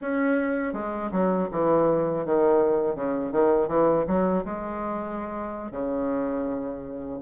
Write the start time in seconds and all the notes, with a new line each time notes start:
0.01 C#4
0.73 G#3
1.11 F#3
1.51 E3
2.25 D#3
2.95 C#3
3.32 D#3
3.68 E3
4.07 F#3
4.44 G#3
5.71 C#3